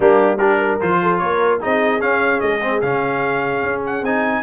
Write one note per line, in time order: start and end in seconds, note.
0.00 0.80 G3
0.00 0.38 A#3
0.00 0.37 D4
0.00 0.38 G4
0.37 0.80 D4
0.37 0.57 G4
0.37 0.78 A#4
0.58 0.98 A#4
0.80 1.21 F3
0.80 1.60 F4
0.80 1.18 C5
1.02 1.21 A4
1.18 1.62 A#3
1.18 1.60 A#4
1.18 1.58 C#5
1.60 2.00 C4
1.60 2.00 D#4
1.60 4.42 G#4
1.60 2.01 D#5
2.00 2.60 C#4
2.00 2.40 C#4
2.00 2.40 F5
2.40 2.82 G#3
2.40 2.80 D#5
2.61 2.81 C4
2.81 3.62 C#3
2.81 4.03 C#4
2.81 3.81 F5
3.62 4.01 C#4
3.86 4.04 F#5
4.01 4.41 C4
4.01 4.42 D#4
4.01 4.42 G#5